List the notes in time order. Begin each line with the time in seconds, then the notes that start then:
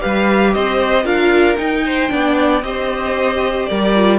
0.00 G3 G4 B4 F5
0.53 C4 C5 D#5
1.04 D4 F4 A#4 F5
1.57 D#4 G5
1.85 C5
2.08 B3 D4 D5
2.62 C4 G4 C5 D#5
3.65 G3 A#4 D5
3.95 F4